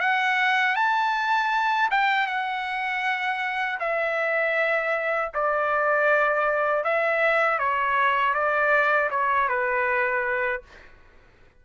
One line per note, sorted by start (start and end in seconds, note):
0.00 0.75 F#5
0.75 1.89 A5
1.91 2.27 G5
2.27 3.79 F#5
3.79 5.31 E5
5.34 6.84 D5
6.84 7.59 E5
7.59 8.34 C#5
8.34 9.10 D5
9.10 9.48 C#5
9.48 10.62 B4